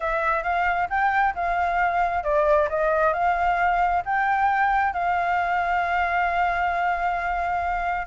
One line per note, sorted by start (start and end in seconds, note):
0.00 0.43 E5
0.43 0.88 F5
0.89 1.34 G5
1.34 2.23 F5
2.23 2.68 D5
2.69 3.13 D#5
3.13 4.03 F5
4.05 4.93 G5
4.93 8.06 F5